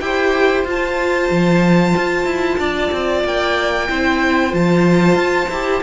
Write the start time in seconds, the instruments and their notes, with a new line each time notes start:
0.00 cello E4, viola G4, violin C5 G5
0.65 cello F4, viola F4, violin A5
1.30 cello F3
1.97 cello F4
2.25 cello E4
2.58 cello D4, violin D5
2.92 cello C4
3.24 cello A#3, violin G5
3.89 cello C4, viola E4, violin C5
4.50 cello F3, viola F4, violin A5
5.15 cello F4
5.49 cello E4, viola G4